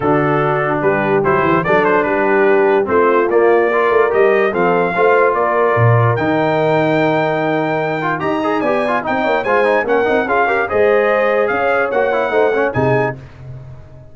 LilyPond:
<<
  \new Staff \with { instrumentName = "trumpet" } { \time 4/4 \tempo 4 = 146 a'2 b'4 c''4 | d''8 c''8 b'2 c''4 | d''2 dis''4 f''4~ | f''4 d''2 g''4~ |
g''1 | ais''4 gis''4 g''4 gis''4 | fis''4 f''4 dis''2 | f''4 fis''2 gis''4 | }
  \new Staff \with { instrumentName = "horn" } { \time 4/4 fis'2 g'2 | a'4 g'2 f'4~ | f'4 ais'2 a'4 | c''4 ais'2.~ |
ais'1 | dis''4 d''4 dis''8 cis''8 c''4 | ais'4 gis'8 ais'8 c''2 | cis''2 c''8 cis''8 gis'4 | }
  \new Staff \with { instrumentName = "trombone" } { \time 4/4 d'2. e'4 | d'2. c'4 | ais4 f'4 g'4 c'4 | f'2. dis'4~ |
dis'2.~ dis'8 f'8 | g'8 gis'8 g'8 f'8 dis'4 f'8 dis'8 | cis'8 dis'8 f'8 g'8 gis'2~ | gis'4 fis'8 e'8 dis'8 cis'8 dis'4 | }
  \new Staff \with { instrumentName = "tuba" } { \time 4/4 d2 g4 fis8 e8 | fis4 g2 a4 | ais4. a8 g4 f4 | a4 ais4 ais,4 dis4~ |
dis1 | dis'4 b4 c'8 ais8 gis4 | ais8 c'8 cis'4 gis2 | cis'4 ais4 a4 c4 | }
>>